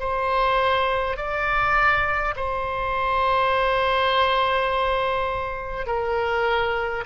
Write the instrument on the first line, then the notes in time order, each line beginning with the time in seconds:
oboe
0.00 C5
1.17 D5
2.36 C5
5.87 A#4